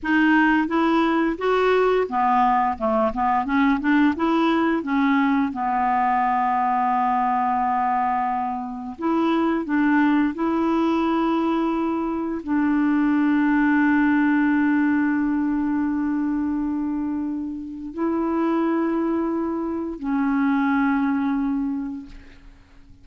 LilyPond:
\new Staff \with { instrumentName = "clarinet" } { \time 4/4 \tempo 4 = 87 dis'4 e'4 fis'4 b4 | a8 b8 cis'8 d'8 e'4 cis'4 | b1~ | b4 e'4 d'4 e'4~ |
e'2 d'2~ | d'1~ | d'2 e'2~ | e'4 cis'2. | }